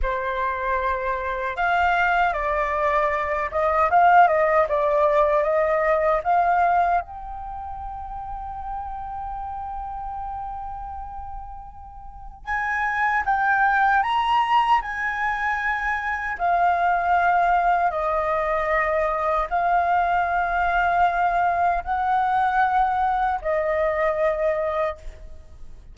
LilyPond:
\new Staff \with { instrumentName = "flute" } { \time 4/4 \tempo 4 = 77 c''2 f''4 d''4~ | d''8 dis''8 f''8 dis''8 d''4 dis''4 | f''4 g''2.~ | g''1 |
gis''4 g''4 ais''4 gis''4~ | gis''4 f''2 dis''4~ | dis''4 f''2. | fis''2 dis''2 | }